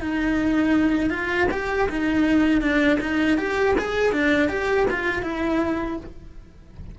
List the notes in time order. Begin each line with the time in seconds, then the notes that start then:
0.00 D#4
1.10 F4
1.50 G4
1.89 D#4
2.61 D4
3.00 D#4
3.38 G4
3.78 G#4
4.12 D4
4.49 G4
4.90 F4
5.22 E4